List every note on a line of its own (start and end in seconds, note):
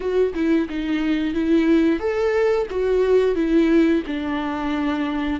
0.00 0.33 F#4
0.34 0.67 E4
0.69 1.34 D#4
1.34 1.99 E4
1.99 2.67 A4
2.70 3.35 F#4
3.35 4.02 E4
4.06 5.40 D4